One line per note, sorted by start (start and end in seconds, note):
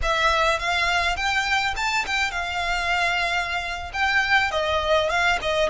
0.02 0.59 E5
0.59 1.16 F5
1.16 1.74 G5
1.76 2.05 A5
2.06 2.31 G5
2.31 3.91 F5
3.93 4.51 G5
4.51 5.09 D#5
5.09 5.38 F5
5.41 5.69 D#5